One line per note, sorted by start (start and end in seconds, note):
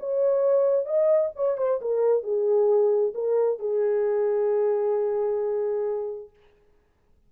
0.00 0.86 C#5
0.86 1.31 D#5
1.36 1.58 C#5
1.58 1.81 C5
1.81 2.24 A#4
2.24 3.14 G#4
3.15 3.60 A#4
3.60 6.30 G#4